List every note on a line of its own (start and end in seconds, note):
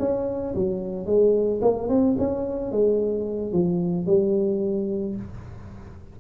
0.00 0.55 C#4
0.55 1.06 F#3
1.06 1.61 G#3
1.62 1.89 A#3
1.89 2.17 C4
2.19 2.72 C#4
2.72 3.53 G#3
3.53 4.07 F3
4.07 5.16 G3